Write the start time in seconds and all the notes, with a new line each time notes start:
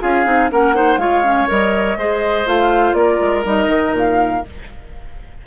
0.00 C#4 F4 G#4 F5
0.24 C4 D#4
0.51 A#3 C#4 A#4 F#5
0.74 D#4 C5
0.96 G#3 F4 C#5 F5
1.24 C#4
1.48 G3 A#4 D#5
1.96 G#3 G#4 C5
2.46 A3 F4 F5
2.93 A#3 A#4 D5
3.20 G#3
3.44 G3 D#4 D#5
3.66 D#3
3.92 A#2 F5